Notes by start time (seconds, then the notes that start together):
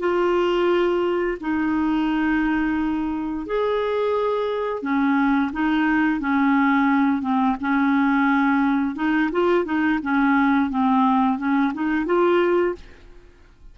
0.00 F4
1.41 D#4
3.46 G#4
4.82 C#4
5.53 D#4
6.20 C#4
7.22 C4
7.61 C#4
8.96 D#4
9.32 F4
9.65 D#4
10.03 C#4
10.70 C4
11.38 C#4
11.74 D#4
12.06 F4